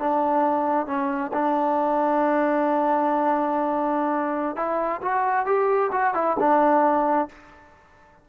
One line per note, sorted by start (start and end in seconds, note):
0.00 0.87 D4
0.87 1.32 C#4
1.33 4.57 D4
4.57 5.01 E4
5.02 5.46 F#4
5.46 5.91 G4
5.92 6.14 F#4
6.15 6.37 E4
6.39 7.29 D4